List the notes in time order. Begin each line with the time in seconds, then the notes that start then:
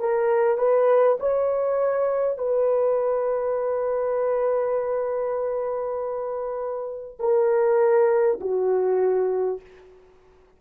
0.00 A#4
0.58 B4
1.19 C#5
2.38 B4
7.19 A#4
8.41 F#4